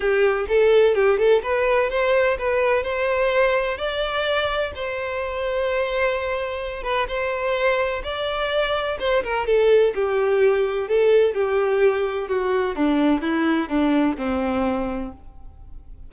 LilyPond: \new Staff \with { instrumentName = "violin" } { \time 4/4 \tempo 4 = 127 g'4 a'4 g'8 a'8 b'4 | c''4 b'4 c''2 | d''2 c''2~ | c''2~ c''8 b'8 c''4~ |
c''4 d''2 c''8 ais'8 | a'4 g'2 a'4 | g'2 fis'4 d'4 | e'4 d'4 c'2 | }